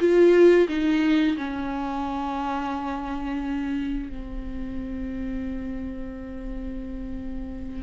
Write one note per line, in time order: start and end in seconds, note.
0.00 0.68 F4
0.68 1.37 D#4
1.37 4.10 C#4
4.10 7.83 C4